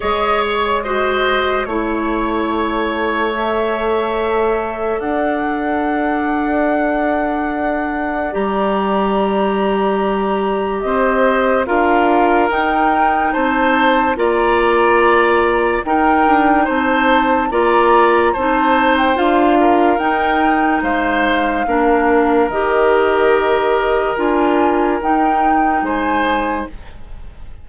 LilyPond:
<<
  \new Staff \with { instrumentName = "flute" } { \time 4/4 \tempo 4 = 72 dis''8 cis''8 dis''4 cis''2 | e''2 fis''2~ | fis''2 ais''2~ | ais''4 dis''4 f''4 g''4 |
a''4 ais''2 g''4 | a''4 ais''4 a''8. g''16 f''4 | g''4 f''2 dis''4~ | dis''4 gis''4 g''4 gis''4 | }
  \new Staff \with { instrumentName = "oboe" } { \time 4/4 cis''4 c''4 cis''2~ | cis''2 d''2~ | d''1~ | d''4 c''4 ais'2 |
c''4 d''2 ais'4 | c''4 d''4 c''4. ais'8~ | ais'4 c''4 ais'2~ | ais'2. c''4 | }
  \new Staff \with { instrumentName = "clarinet" } { \time 4/4 gis'4 fis'4 e'2 | a'1~ | a'2 g'2~ | g'2 f'4 dis'4~ |
dis'4 f'2 dis'4~ | dis'4 f'4 dis'4 f'4 | dis'2 d'4 g'4~ | g'4 f'4 dis'2 | }
  \new Staff \with { instrumentName = "bassoon" } { \time 4/4 gis2 a2~ | a2 d'2~ | d'2 g2~ | g4 c'4 d'4 dis'4 |
c'4 ais2 dis'8 d'8 | c'4 ais4 c'4 d'4 | dis'4 gis4 ais4 dis4~ | dis4 d'4 dis'4 gis4 | }
>>